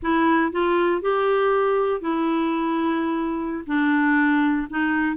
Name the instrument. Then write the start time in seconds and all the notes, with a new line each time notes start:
clarinet
0.02 E4
0.52 F4
1.01 G4
2.00 E4
3.66 D4
4.69 D#4